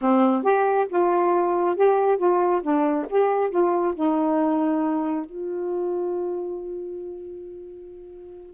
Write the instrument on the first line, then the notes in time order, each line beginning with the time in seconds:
saxophone
0.01 C4
0.43 G4
0.89 F4
1.76 G4
2.17 F4
2.62 D4
3.09 G4
3.50 F4
3.94 D#4
5.25 F4